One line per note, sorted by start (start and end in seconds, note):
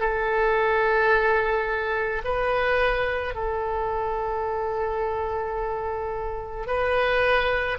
0.00 2.22 A4
2.24 3.34 B4
3.34 6.67 A4
6.67 7.78 B4